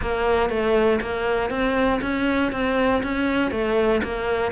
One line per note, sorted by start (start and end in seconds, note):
0.01 0.49 A#3
0.49 1.00 A3
1.01 1.50 A#3
1.50 2.00 C4
2.01 2.52 C#4
2.52 3.02 C4
3.03 3.51 C#4
3.51 4.01 A3
4.03 4.51 A#3